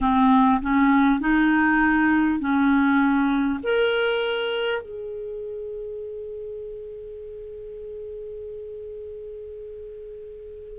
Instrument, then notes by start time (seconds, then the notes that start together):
clarinet
0.00 C4
0.61 C#4
1.19 D#4
2.39 C#4
3.63 A#4
4.82 G#4